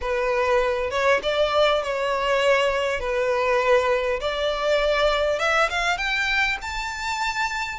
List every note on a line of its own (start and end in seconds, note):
0.01 0.90 B4
0.90 1.20 C#5
1.22 1.82 D5
1.82 2.99 C#5
2.99 4.19 B4
4.20 5.39 D5
5.39 5.69 E5
5.69 5.97 F5
5.97 6.57 G5
6.61 7.79 A5